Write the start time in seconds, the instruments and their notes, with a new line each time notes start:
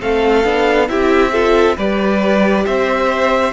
0.00 cello A3, viola C4, violin A4 F5
0.44 cello B3, viola D4
0.88 cello C4, viola E4, violin G4 E5
1.32 viola F4, violin A4
1.76 cello G3, viola G4, violin B4 D5
2.66 cello C4, violin C5 E5